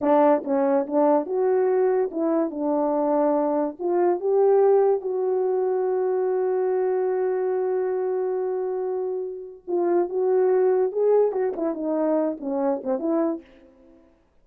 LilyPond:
\new Staff \with { instrumentName = "horn" } { \time 4/4 \tempo 4 = 143 d'4 cis'4 d'4 fis'4~ | fis'4 e'4 d'2~ | d'4 f'4 g'2 | fis'1~ |
fis'1~ | fis'2. f'4 | fis'2 gis'4 fis'8 e'8 | dis'4. cis'4 c'8 e'4 | }